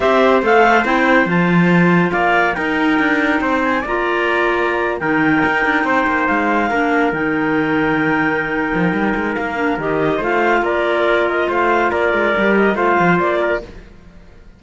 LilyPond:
<<
  \new Staff \with { instrumentName = "clarinet" } { \time 4/4 \tempo 4 = 141 e''4 f''4 g''4 a''4~ | a''4 f''4 g''2~ | g''8 gis''8 ais''2~ ais''8. g''16~ | g''2~ g''8. f''4~ f''16~ |
f''8. g''2.~ g''16~ | g''2 f''4 dis''4 | f''4 d''4. dis''8 f''4 | d''4. dis''8 f''4 d''4 | }
  \new Staff \with { instrumentName = "trumpet" } { \time 4/4 c''1~ | c''4 d''4 ais'2 | c''4 d''2~ d''8. ais'16~ | ais'4.~ ais'16 c''2 ais'16~ |
ais'1~ | ais'1 | c''4 ais'2 c''4 | ais'2 c''4. ais'8 | }
  \new Staff \with { instrumentName = "clarinet" } { \time 4/4 g'4 a'4 e'4 f'4~ | f'2 dis'2~ | dis'4 f'2~ f'8. dis'16~ | dis'2.~ dis'8. d'16~ |
d'8. dis'2.~ dis'16~ | dis'2~ dis'8 d'8 g'4 | f'1~ | f'4 g'4 f'2 | }
  \new Staff \with { instrumentName = "cello" } { \time 4/4 c'4 a4 c'4 f4~ | f4 ais4 dis'4 d'4 | c'4 ais2~ ais8. dis16~ | dis8. dis'8 d'8 c'8 ais8 gis4 ais16~ |
ais8. dis2.~ dis16~ | dis8 f8 g8 gis8 ais4 dis4 | a4 ais2 a4 | ais8 gis8 g4 a8 f8 ais4 | }
>>